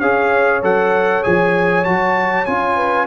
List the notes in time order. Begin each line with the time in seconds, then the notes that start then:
0.00 C#4 G#4 C#5 F5
0.62 F#3 A4 F#5
1.23 F3 G#4 G#5
1.84 F#3 F#4 A5
2.45 C#4 F4 G#5
2.76 B4